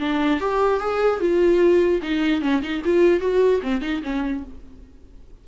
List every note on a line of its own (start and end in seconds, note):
0.00 0.40 D4
0.40 0.80 G4
0.80 1.20 G#4
1.20 2.01 F4
2.03 2.42 D#4
2.42 2.62 C#4
2.62 2.82 D#4
2.85 3.20 F4
3.20 3.61 F#4
3.63 3.81 C4
3.81 4.02 D#4
4.03 4.44 C#4